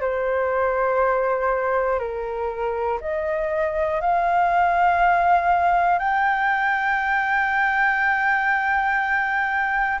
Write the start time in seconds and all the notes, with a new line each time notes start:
0.00 C5
1.99 A#4
3.00 D#5
4.00 F5
5.98 G5